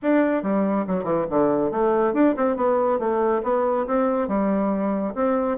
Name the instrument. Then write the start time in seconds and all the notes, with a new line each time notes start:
bassoon
0.02 D4
0.42 G3
0.87 F#3
1.04 E3
1.30 D3
1.71 A3
2.13 D4
2.36 C4
2.56 B3
2.99 A3
3.43 B3
3.86 C4
4.28 G3
5.14 C4